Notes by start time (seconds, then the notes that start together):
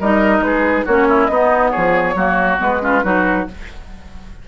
0.00 G3 D#4 A#4 D#5
0.41 G#3 G#4 B4
0.85 A#3 C#4 F#4 C#5
1.09 E4
1.25 B3 D#4 D#5
1.31 B3
1.71 F3 G#4 C#5
2.15 F#3 A#3 F#4
2.58 G#3 B3 B4
2.80 C#4 F4
3.04 F#3 D#4 F#4